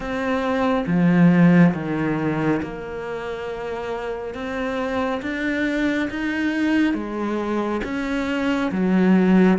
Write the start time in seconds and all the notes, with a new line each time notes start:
0.00 C4
0.86 F3
1.74 D#3
2.62 A#3
4.34 C4
5.22 D4
6.10 D#4
6.94 G#3
7.84 C#4
8.71 F#3